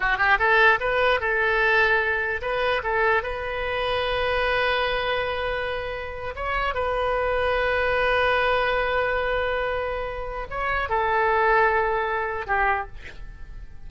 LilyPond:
\new Staff \with { instrumentName = "oboe" } { \time 4/4 \tempo 4 = 149 fis'8 g'8 a'4 b'4 a'4~ | a'2 b'4 a'4 | b'1~ | b'2.~ b'8. cis''16~ |
cis''8. b'2.~ b'16~ | b'1~ | b'2 cis''4 a'4~ | a'2. g'4 | }